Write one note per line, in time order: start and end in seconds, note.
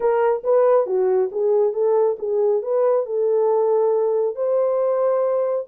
0.00 0.42 A#4
0.43 0.86 B4
0.86 1.29 F#4
1.31 1.73 G#4
1.73 2.16 A4
2.19 2.62 G#4
2.62 3.06 B4
3.06 4.35 A4
4.35 5.66 C5